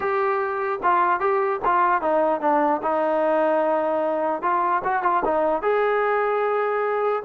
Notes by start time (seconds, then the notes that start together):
0.00 G4
0.82 F4
1.20 G4
1.65 F4
2.01 D#4
2.41 D4
2.82 D#4
4.42 F4
4.84 F#4
5.02 F4
5.25 D#4
5.62 G#4